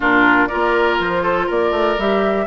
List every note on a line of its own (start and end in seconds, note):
0.00 0.48 A#2
0.00 0.50 D4
0.00 0.48 F4
0.00 0.47 A#4
0.47 1.99 F4
0.47 1.22 A#4
0.47 0.96 D5
0.54 0.99 A#3
0.99 1.48 F3
0.99 1.50 C5
1.22 1.46 A4
1.46 1.71 A#3
1.46 2.45 A#4
1.46 1.99 D5
1.71 1.96 A3
1.98 2.46 G3
1.98 2.46 G4
1.98 2.46 E5